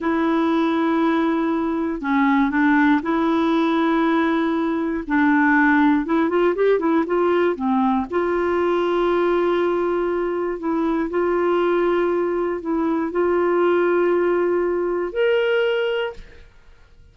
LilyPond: \new Staff \with { instrumentName = "clarinet" } { \time 4/4 \tempo 4 = 119 e'1 | cis'4 d'4 e'2~ | e'2 d'2 | e'8 f'8 g'8 e'8 f'4 c'4 |
f'1~ | f'4 e'4 f'2~ | f'4 e'4 f'2~ | f'2 ais'2 | }